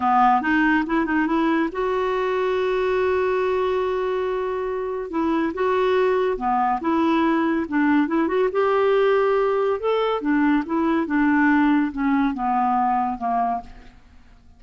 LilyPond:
\new Staff \with { instrumentName = "clarinet" } { \time 4/4 \tempo 4 = 141 b4 dis'4 e'8 dis'8 e'4 | fis'1~ | fis'1 | e'4 fis'2 b4 |
e'2 d'4 e'8 fis'8 | g'2. a'4 | d'4 e'4 d'2 | cis'4 b2 ais4 | }